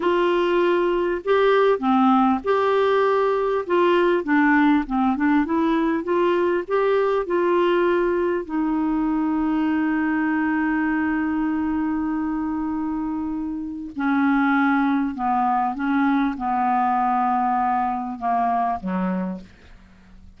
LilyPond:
\new Staff \with { instrumentName = "clarinet" } { \time 4/4 \tempo 4 = 99 f'2 g'4 c'4 | g'2 f'4 d'4 | c'8 d'8 e'4 f'4 g'4 | f'2 dis'2~ |
dis'1~ | dis'2. cis'4~ | cis'4 b4 cis'4 b4~ | b2 ais4 fis4 | }